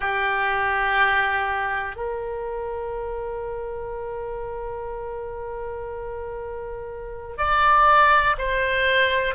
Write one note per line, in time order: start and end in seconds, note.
0.00 1.95 G4
1.95 7.36 A#4
7.37 8.36 D5
8.38 9.34 C5